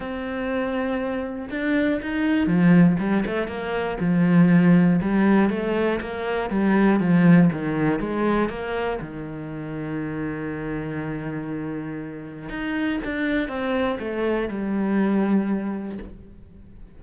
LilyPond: \new Staff \with { instrumentName = "cello" } { \time 4/4 \tempo 4 = 120 c'2. d'4 | dis'4 f4 g8 a8 ais4 | f2 g4 a4 | ais4 g4 f4 dis4 |
gis4 ais4 dis2~ | dis1~ | dis4 dis'4 d'4 c'4 | a4 g2. | }